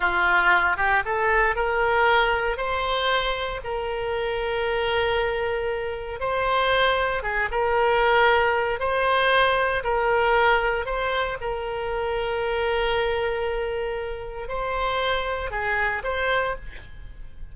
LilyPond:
\new Staff \with { instrumentName = "oboe" } { \time 4/4 \tempo 4 = 116 f'4. g'8 a'4 ais'4~ | ais'4 c''2 ais'4~ | ais'1 | c''2 gis'8 ais'4.~ |
ais'4 c''2 ais'4~ | ais'4 c''4 ais'2~ | ais'1 | c''2 gis'4 c''4 | }